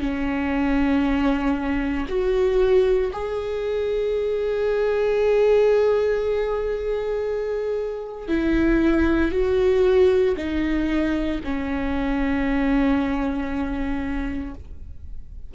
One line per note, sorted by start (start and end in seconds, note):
0.00 2.07 C#4
2.09 3.12 F#4
3.13 8.29 G#4
8.29 9.32 E4
9.32 10.35 F#4
10.37 11.41 D#4
11.45 14.55 C#4